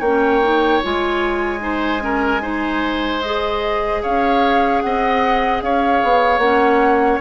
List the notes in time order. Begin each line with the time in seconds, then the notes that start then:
0.00 A#3 C#4 C#5 G5
0.43 D#4
0.83 G#3 F4 G#5
1.59 D#4 C5
2.00 C#4 A#4
2.41 D#4 C5
3.22 G#4 D#5
4.03 C#4 C#5 F5
4.82 C4 D#5 F#5
5.62 C#4 C#5 F5
6.03 B3
6.38 A#3 C#4 F#5